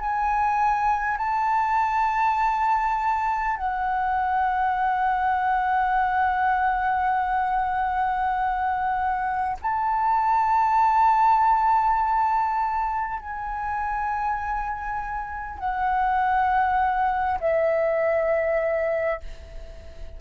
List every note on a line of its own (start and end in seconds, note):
0.00 1.17 G#5
1.17 3.57 A5
3.57 9.57 F#5
9.62 13.19 A5
13.19 15.59 G#5
15.59 17.39 F#5
17.40 19.20 E5